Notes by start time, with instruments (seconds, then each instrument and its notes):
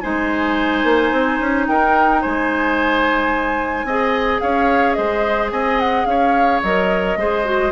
0.00 bassoon G#3, clarinet D#4, oboe C5, flute G#5
0.83 bassoon A#3
1.11 bassoon C4
1.39 bassoon C#4
1.67 bassoon D#4, oboe A#4, flute G5
2.21 bassoon G#3, oboe C5, flute G#5
3.84 bassoon C4, clarinet G#4, oboe D#5
4.40 bassoon C#4, oboe C#5, flute F5
4.93 bassoon G#3, oboe C5, flute D#5
5.52 bassoon C4, oboe D#5, flute G#5
5.79 flute F#5
6.05 bassoon C#4, oboe C#5, flute F5
6.63 bassoon F#3, clarinet A#4, flute D#5
7.16 bassoon G#3, clarinet G#4, oboe C5
7.45 clarinet F#4